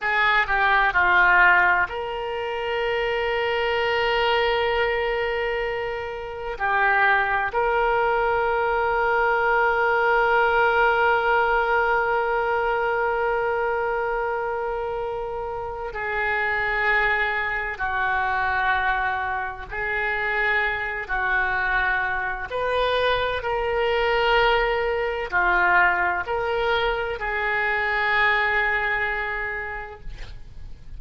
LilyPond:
\new Staff \with { instrumentName = "oboe" } { \time 4/4 \tempo 4 = 64 gis'8 g'8 f'4 ais'2~ | ais'2. g'4 | ais'1~ | ais'1~ |
ais'4 gis'2 fis'4~ | fis'4 gis'4. fis'4. | b'4 ais'2 f'4 | ais'4 gis'2. | }